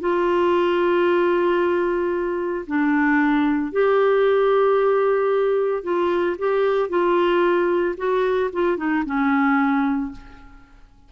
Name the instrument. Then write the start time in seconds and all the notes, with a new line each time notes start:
clarinet
0.00 F4
2.67 D4
3.72 G4
5.83 F4
6.38 G4
6.89 F4
7.97 F#4
8.53 F4
8.77 D#4
9.05 C#4